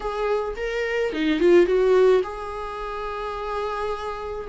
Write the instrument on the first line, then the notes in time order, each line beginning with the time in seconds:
viola
0.00 G#4
0.56 A#4
1.12 D#4
1.39 F4
1.66 F#4
2.23 G#4